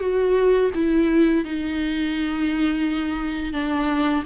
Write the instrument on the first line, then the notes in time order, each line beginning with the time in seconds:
viola
0.00 F#4
0.74 E4
1.44 D#4
3.53 D4